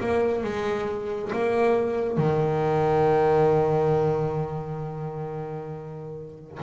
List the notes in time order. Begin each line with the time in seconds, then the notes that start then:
0.00 A#3
0.43 G#3
1.32 A#3
2.17 D#3